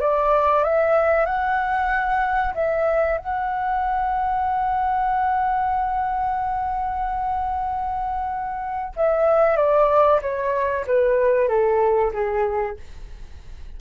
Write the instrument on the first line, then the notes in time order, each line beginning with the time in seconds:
flute
0.00 D5
0.64 E5
1.26 F#5
2.54 E5
3.18 F#5
8.96 E5
9.56 D5
10.22 C#5
10.87 B4
11.48 A4
12.13 G#4